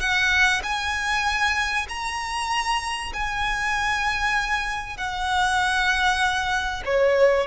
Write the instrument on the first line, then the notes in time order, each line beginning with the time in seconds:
violin
0.00 F#5
0.63 G#5
1.89 A#5
3.13 G#5
4.97 F#5
6.85 C#5